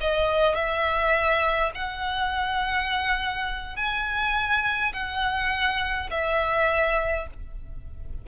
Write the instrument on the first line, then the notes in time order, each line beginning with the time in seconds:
violin
0.00 D#5
0.55 E5
1.74 F#5
3.76 G#5
4.93 F#5
6.10 E5